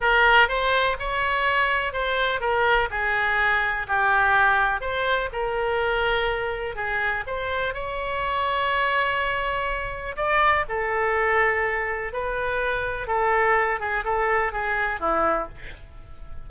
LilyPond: \new Staff \with { instrumentName = "oboe" } { \time 4/4 \tempo 4 = 124 ais'4 c''4 cis''2 | c''4 ais'4 gis'2 | g'2 c''4 ais'4~ | ais'2 gis'4 c''4 |
cis''1~ | cis''4 d''4 a'2~ | a'4 b'2 a'4~ | a'8 gis'8 a'4 gis'4 e'4 | }